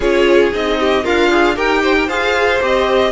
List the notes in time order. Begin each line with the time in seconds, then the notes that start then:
0.00 C#4 F4 G#4 C#5
0.52 C4 D#4 D#5
0.79 G4
1.03 D4 F4 A#4 F5
1.30 G#4
1.55 D#4 G4 A#4 G5
1.82 C5
1.96 A#4
2.07 F4 G#4 C5 F5
2.60 C4 G4 D#5